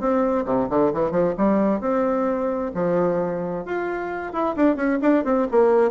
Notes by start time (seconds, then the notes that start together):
0.00 C4
0.46 C3
0.70 D3
0.93 E3
1.11 F3
1.38 G3
1.81 C4
2.74 F3
3.65 F4
4.33 E4
4.56 D4
4.76 C#4
5.02 D4
5.25 C4
5.51 A#3